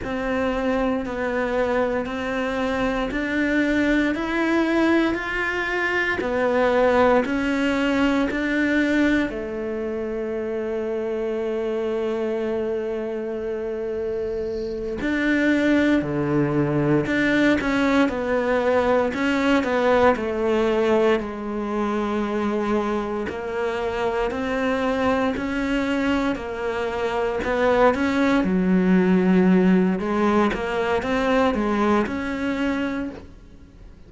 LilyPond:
\new Staff \with { instrumentName = "cello" } { \time 4/4 \tempo 4 = 58 c'4 b4 c'4 d'4 | e'4 f'4 b4 cis'4 | d'4 a2.~ | a2~ a8 d'4 d8~ |
d8 d'8 cis'8 b4 cis'8 b8 a8~ | a8 gis2 ais4 c'8~ | c'8 cis'4 ais4 b8 cis'8 fis8~ | fis4 gis8 ais8 c'8 gis8 cis'4 | }